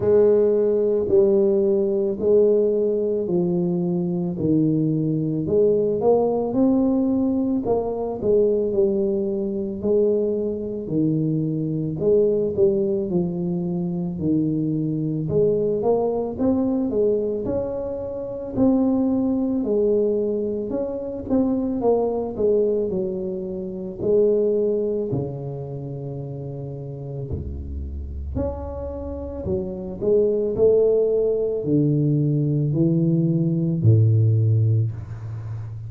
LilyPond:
\new Staff \with { instrumentName = "tuba" } { \time 4/4 \tempo 4 = 55 gis4 g4 gis4 f4 | dis4 gis8 ais8 c'4 ais8 gis8 | g4 gis4 dis4 gis8 g8 | f4 dis4 gis8 ais8 c'8 gis8 |
cis'4 c'4 gis4 cis'8 c'8 | ais8 gis8 fis4 gis4 cis4~ | cis4 cis,4 cis'4 fis8 gis8 | a4 d4 e4 a,4 | }